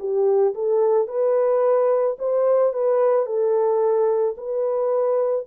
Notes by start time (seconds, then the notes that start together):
0.00 G4
0.55 A4
1.08 B4
2.19 C5
2.74 B4
3.27 A4
4.37 B4